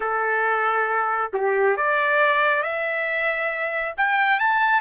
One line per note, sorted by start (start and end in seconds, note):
0.00 1.31 A4
1.33 1.76 G4
1.76 2.63 D5
2.63 3.94 E5
3.97 4.39 G5
4.39 4.81 A5